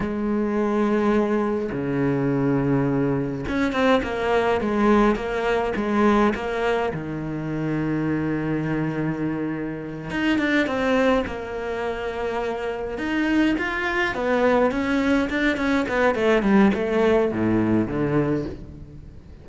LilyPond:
\new Staff \with { instrumentName = "cello" } { \time 4/4 \tempo 4 = 104 gis2. cis4~ | cis2 cis'8 c'8 ais4 | gis4 ais4 gis4 ais4 | dis1~ |
dis4. dis'8 d'8 c'4 ais8~ | ais2~ ais8 dis'4 f'8~ | f'8 b4 cis'4 d'8 cis'8 b8 | a8 g8 a4 a,4 d4 | }